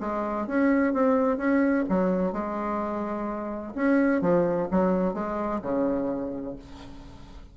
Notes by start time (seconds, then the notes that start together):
0.00 G#3
0.46 C#4
0.93 C4
1.37 C#4
1.89 F#3
2.32 G#3
3.74 C#4
4.21 F3
4.70 F#3
5.13 G#3
5.61 C#3